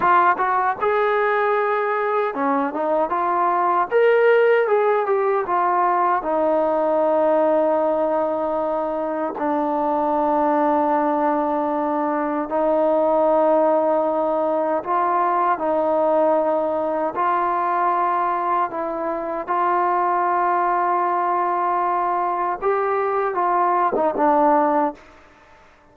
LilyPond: \new Staff \with { instrumentName = "trombone" } { \time 4/4 \tempo 4 = 77 f'8 fis'8 gis'2 cis'8 dis'8 | f'4 ais'4 gis'8 g'8 f'4 | dis'1 | d'1 |
dis'2. f'4 | dis'2 f'2 | e'4 f'2.~ | f'4 g'4 f'8. dis'16 d'4 | }